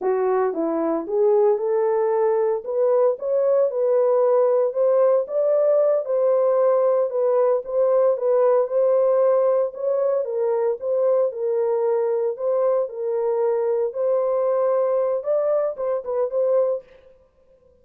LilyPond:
\new Staff \with { instrumentName = "horn" } { \time 4/4 \tempo 4 = 114 fis'4 e'4 gis'4 a'4~ | a'4 b'4 cis''4 b'4~ | b'4 c''4 d''4. c''8~ | c''4. b'4 c''4 b'8~ |
b'8 c''2 cis''4 ais'8~ | ais'8 c''4 ais'2 c''8~ | c''8 ais'2 c''4.~ | c''4 d''4 c''8 b'8 c''4 | }